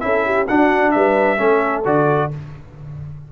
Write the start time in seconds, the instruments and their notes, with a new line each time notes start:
0.00 tuba C#4, trombone E4, horn A4, trumpet E5
0.25 horn G4
0.46 trombone D4, tuba D4, horn F#4, trumpet F#5
0.91 tuba G3, horn B4, trumpet E5
1.37 tuba A3, trombone C#4, horn A4
1.85 tuba D3, trombone F#4, trumpet D5